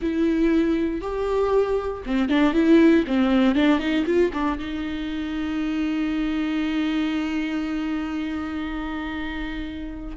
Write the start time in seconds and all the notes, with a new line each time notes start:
0.01 E4
1.01 G4
2.06 C4
2.28 D4
2.53 E4
3.07 C4
3.55 D4
3.79 D#4
4.05 F4
4.33 D4
4.58 D#4